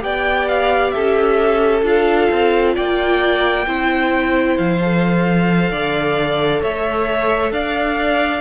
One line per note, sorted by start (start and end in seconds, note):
0.00 0.94 B3
0.00 1.82 G4
0.00 0.94 D5
0.00 0.48 G5
0.48 0.91 F5
0.91 1.82 C#4
0.91 2.75 A4
0.91 1.82 E5
1.82 2.28 D4
1.82 3.65 F4
1.82 2.76 F5
2.31 2.77 C4
2.75 3.67 A#3
2.75 3.66 D5
2.75 4.58 G5
3.66 4.58 C4
3.66 4.80 E4
3.66 5.71 C5
4.58 5.71 F3
4.58 6.62 F5
4.82 8.41 A4
5.71 6.62 D3
5.71 6.62 D5
6.62 7.52 A3
6.62 7.53 C#5
6.62 7.52 E5
7.52 8.41 D4
7.52 8.41 D5
7.52 8.41 F5